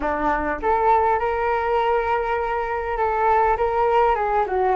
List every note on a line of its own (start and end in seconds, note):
0.00 0.59 D4
0.62 1.19 A4
1.19 2.97 A#4
2.97 3.56 A4
3.57 4.15 A#4
4.15 4.45 G#4
4.46 4.75 F#4